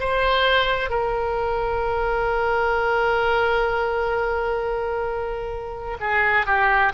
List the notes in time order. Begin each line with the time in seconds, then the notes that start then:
0.00 C5
0.90 A#4
6.00 G#4
6.46 G4